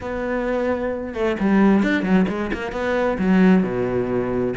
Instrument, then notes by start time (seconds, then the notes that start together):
cello
0.01 B3
1.13 A3
1.39 G3
1.83 D4
2.02 F#3
2.28 G#3
2.53 A#3
2.72 B3
3.18 F#3
3.63 B2